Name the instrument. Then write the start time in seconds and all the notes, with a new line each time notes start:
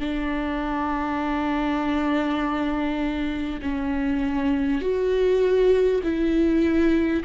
viola
0.00 D4
3.62 C#4
4.82 F#4
6.04 E4